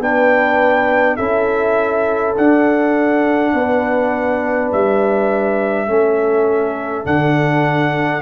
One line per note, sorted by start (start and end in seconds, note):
0.00 1.18 B3
0.00 1.18 D4
0.00 1.17 B4
0.00 1.17 G5
1.17 2.37 C#4
1.17 2.36 E4
1.17 3.52 A4
1.17 2.34 E5
2.37 3.54 D4
2.37 5.87 D4
2.37 4.72 F#5
3.54 4.72 B3
3.54 5.89 B4
4.72 5.88 G3
4.72 7.06 E5
5.87 7.06 A3
5.87 7.04 C#4
5.87 8.22 A4
7.04 8.22 D3
7.04 8.22 D4
7.04 8.22 F#5